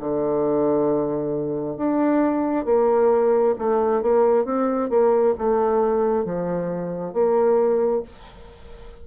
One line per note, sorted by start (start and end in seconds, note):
0.00 1.77 D3
1.77 2.65 D4
2.65 3.55 A#3
3.59 4.02 A3
4.02 4.45 A#3
4.45 4.90 C4
4.90 5.34 A#3
5.38 6.25 A3
6.25 7.13 F3
7.13 8.03 A#3